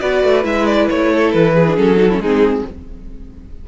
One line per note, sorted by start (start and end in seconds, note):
0.00 0.24 B3
0.00 0.43 F#4
0.00 1.12 B4
0.00 0.44 D5
0.24 0.44 A3
0.43 0.88 G#3
0.43 1.64 E4
0.43 0.66 E5
0.66 0.88 D5
0.90 1.34 A3
0.90 1.32 C#5
1.12 1.55 A4
1.32 1.77 E3
1.32 1.76 B4
1.55 1.99 G#4
1.67 1.77 D4
1.77 2.18 F#3
1.77 1.97 C#4
1.77 2.22 A4
1.97 2.08 D#4
1.97 2.09 F#4
2.09 2.23 C#4
2.09 2.20 E4
2.18 2.62 G#3
2.18 2.65 D#4
2.18 2.66 G#4
2.24 2.68 C4